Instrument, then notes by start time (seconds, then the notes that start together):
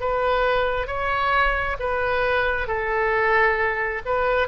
oboe
0.00 B4
0.87 C#5
1.79 B4
2.67 A4
4.05 B4